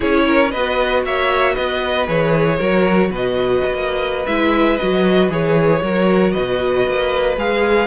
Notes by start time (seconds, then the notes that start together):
0.00 C#4 E4 G#4 C#5
0.27 A#4
0.51 B3 F#4 B4 D#5
1.04 A#3 C#5 E5
1.53 B3 B4 D#5
2.07 E3 G#4 C#5
2.57 F#3 F#4 A#4
3.10 B2 B4 D#5
3.66 B3
3.73 A#3
4.26 G#3 E4 E5
4.77 F#3 F#4 D#5
5.29 E3 G#4 C#5
5.81 F#3 F#4 A#4
6.31 B2 B4 D#5
6.87 A#3
7.36 G#3 G#4 F5